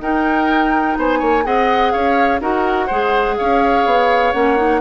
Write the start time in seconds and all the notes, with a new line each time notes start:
0.00 D#4 A#4 G5
0.98 B3 C5 G#5
1.20 A#3 C#5
1.44 C4 G#4 D#5 F#5
1.92 C#4 C#5 F5
2.41 D#4 F#4 A#4 F#5
2.87 G#3 G#4 C5
3.38 C#4 C#5 F5
3.86 B3
4.33 A#3 C#4 F#5
4.57 D#4